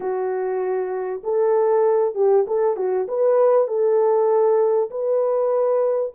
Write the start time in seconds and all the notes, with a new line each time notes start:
0.00 F#4
1.23 A4
2.15 G4
2.47 A4
2.76 F#4
3.08 B4
3.67 A4
4.90 B4